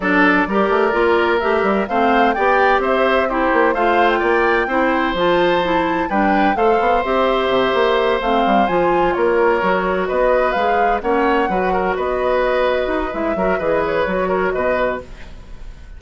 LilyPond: <<
  \new Staff \with { instrumentName = "flute" } { \time 4/4 \tempo 4 = 128 d''2. e''4 | f''4 g''4 e''4 c''4 | f''8. g''2~ g''16 a''4~ | a''4 g''4 f''4 e''4~ |
e''4. f''4 gis''4 cis''8~ | cis''4. dis''4 f''4 fis''8~ | fis''4. dis''2~ dis''8 | e''4 dis''8 cis''4. dis''4 | }
  \new Staff \with { instrumentName = "oboe" } { \time 4/4 a'4 ais'2. | c''4 d''4 c''4 g'4 | c''4 d''4 c''2~ | c''4 b'4 c''2~ |
c''2.~ c''8 ais'8~ | ais'4. b'2 cis''8~ | cis''8 b'8 ais'8 b'2~ b'8~ | b'8 ais'8 b'4. ais'8 b'4 | }
  \new Staff \with { instrumentName = "clarinet" } { \time 4/4 d'4 g'4 f'4 g'4 | c'4 g'2 e'4 | f'2 e'4 f'4 | e'4 d'4 a'4 g'4~ |
g'4. c'4 f'4.~ | f'8 fis'2 gis'4 cis'8~ | cis'8 fis'2.~ fis'8 | e'8 fis'8 gis'4 fis'2 | }
  \new Staff \with { instrumentName = "bassoon" } { \time 4/4 fis4 g8 a8 ais4 a8 g8 | a4 b4 c'4. ais8 | a4 ais4 c'4 f4~ | f4 g4 a8 b8 c'4 |
c8 ais4 a8 g8 f4 ais8~ | ais8 fis4 b4 gis4 ais8~ | ais8 fis4 b2 dis'8 | gis8 fis8 e4 fis4 b,4 | }
>>